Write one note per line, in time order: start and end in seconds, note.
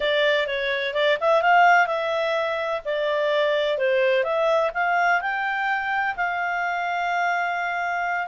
0.00 0.46 D5
0.46 0.93 C#5
0.93 1.17 D5
1.20 1.42 E5
1.42 1.87 F5
1.87 2.81 E5
2.84 3.78 D5
3.78 4.23 C5
4.23 4.71 E5
4.74 5.21 F5
5.21 6.15 G5
6.16 8.27 F5